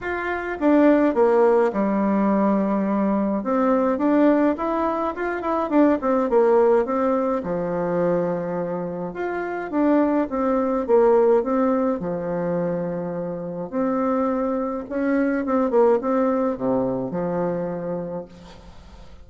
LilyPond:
\new Staff \with { instrumentName = "bassoon" } { \time 4/4 \tempo 4 = 105 f'4 d'4 ais4 g4~ | g2 c'4 d'4 | e'4 f'8 e'8 d'8 c'8 ais4 | c'4 f2. |
f'4 d'4 c'4 ais4 | c'4 f2. | c'2 cis'4 c'8 ais8 | c'4 c4 f2 | }